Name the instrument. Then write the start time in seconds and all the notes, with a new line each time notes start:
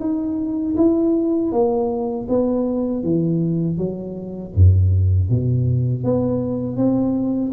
tuba
0.00 D#4
0.77 E4
1.52 A#3
2.29 B3
3.03 E3
3.77 F#3
4.55 F#2
5.29 B2
6.04 B3
6.77 C4